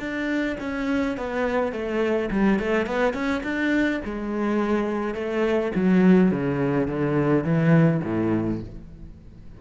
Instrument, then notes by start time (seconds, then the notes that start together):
cello
0.00 D4
0.60 C#4
1.18 B3
1.73 A3
2.31 G3
2.59 A3
2.86 B3
3.14 C#4
3.44 D4
4.05 G#3
5.15 A3
5.76 F#3
6.32 C#3
6.88 D3
7.44 E3
8.04 A2